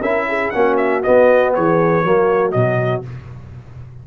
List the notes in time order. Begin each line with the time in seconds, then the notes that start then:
0.00 C#4 E4 A#4 E5
0.28 G#4
0.50 A#3 C#4 F#4 F#5
0.77 E5
1.03 B3 D#5
1.54 E3 G#4 C#5
2.04 F#3 A#3 F#4
2.51 B2 F#3 D#5